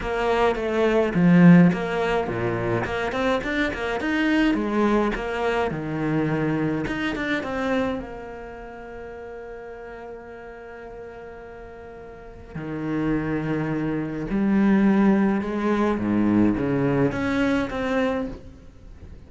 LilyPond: \new Staff \with { instrumentName = "cello" } { \time 4/4 \tempo 4 = 105 ais4 a4 f4 ais4 | ais,4 ais8 c'8 d'8 ais8 dis'4 | gis4 ais4 dis2 | dis'8 d'8 c'4 ais2~ |
ais1~ | ais2 dis2~ | dis4 g2 gis4 | gis,4 cis4 cis'4 c'4 | }